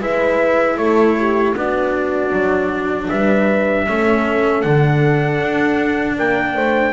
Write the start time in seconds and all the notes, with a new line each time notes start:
0.00 G#3 E4 B4 E5
0.76 A3 A4 C#5
1.18 G4
1.54 B3 D4 F#4 D5
2.31 F#3
3.08 G3 B4 E5
3.86 A3 C#4 A4
4.61 D3 D4 F#5
5.41 D4
6.17 A#3 A#4 G5
6.54 A3 C5